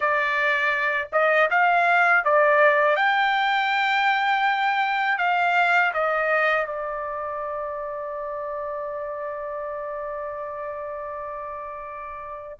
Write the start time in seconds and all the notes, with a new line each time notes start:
0.00 D5
1.12 D#5
1.50 F5
2.24 D5
2.96 G5
5.18 F5
5.93 D#5
6.66 D5